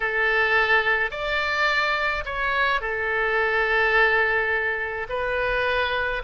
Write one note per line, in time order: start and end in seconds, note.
0.00 1.10 A4
1.10 2.24 D5
2.25 2.80 C#5
2.80 5.07 A4
5.09 6.22 B4